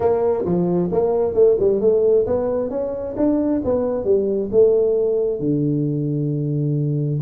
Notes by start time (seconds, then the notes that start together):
0.00 A#3
0.45 F3
0.91 A#3
1.34 A3
1.59 G3
1.80 A3
2.26 B3
2.70 C#4
3.16 D4
3.64 B3
4.04 G3
4.51 A3
5.39 D3